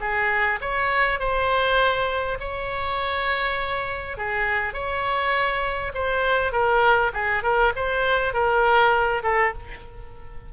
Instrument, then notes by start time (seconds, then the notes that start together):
oboe
0.00 G#4
0.61 C#5
1.19 C5
2.40 C#5
4.17 G#4
4.73 C#5
5.94 C5
6.52 A#4
7.13 G#4
7.43 A#4
7.76 C5
8.33 A#4
9.23 A4